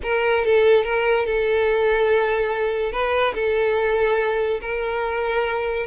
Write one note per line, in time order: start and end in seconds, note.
0.02 0.44 A#4
0.44 0.84 A4
0.84 1.26 A#4
1.26 2.92 A4
2.92 3.34 B4
3.34 4.60 A4
4.60 5.86 A#4